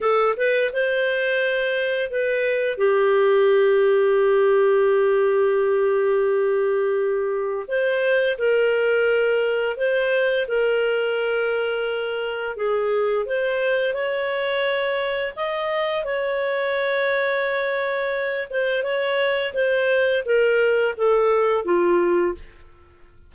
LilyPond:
\new Staff \with { instrumentName = "clarinet" } { \time 4/4 \tempo 4 = 86 a'8 b'8 c''2 b'4 | g'1~ | g'2. c''4 | ais'2 c''4 ais'4~ |
ais'2 gis'4 c''4 | cis''2 dis''4 cis''4~ | cis''2~ cis''8 c''8 cis''4 | c''4 ais'4 a'4 f'4 | }